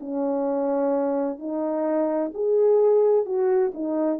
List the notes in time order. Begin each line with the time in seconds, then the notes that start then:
0.00 C#4
1.38 D#4
2.34 G#4
3.25 F#4
3.74 D#4